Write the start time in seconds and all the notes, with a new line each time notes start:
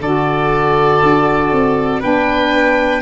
0.00 D3 F#4 A4 D5
1.03 D4
1.52 C4
2.00 B3 D4 B4 G5